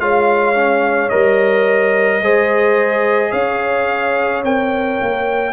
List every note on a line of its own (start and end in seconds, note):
0.00 1.11 G#3
0.00 0.56 F4
0.00 2.23 C#5
0.00 1.09 F5
0.56 1.11 C#4
1.09 2.21 G3
1.09 2.22 A#4
1.09 3.32 D#5
2.21 3.32 G#3
2.21 4.44 G#4
2.21 3.31 C5
3.31 4.44 C#4
3.31 5.53 C#5
3.31 4.43 F5
4.44 5.00 C4
4.44 5.53 A#4
4.44 5.53 G5
5.01 5.53 A#3